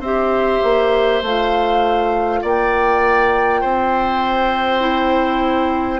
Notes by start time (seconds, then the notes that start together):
0.00 C4 G4 C5 E5
0.64 A#3
1.22 A3 F4 F5
2.42 A#3 D5 G5
3.61 C4 C5
4.80 E4